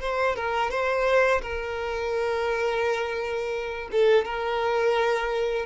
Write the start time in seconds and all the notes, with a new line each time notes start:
0.00 C5
0.36 A#4
0.70 C5
1.41 A#4
3.92 A4
4.24 A#4